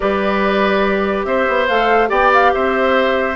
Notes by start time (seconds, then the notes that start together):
0.00 G3 G4 B4 D5
1.24 C4 C5 E5
1.48 B3
1.67 A3 A4 F5
2.08 B3 G4 D5 G5
2.33 F5
2.53 C4 C5 E5